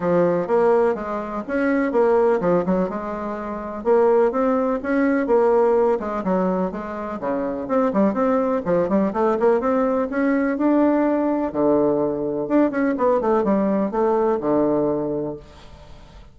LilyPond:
\new Staff \with { instrumentName = "bassoon" } { \time 4/4 \tempo 4 = 125 f4 ais4 gis4 cis'4 | ais4 f8 fis8 gis2 | ais4 c'4 cis'4 ais4~ | ais8 gis8 fis4 gis4 cis4 |
c'8 g8 c'4 f8 g8 a8 ais8 | c'4 cis'4 d'2 | d2 d'8 cis'8 b8 a8 | g4 a4 d2 | }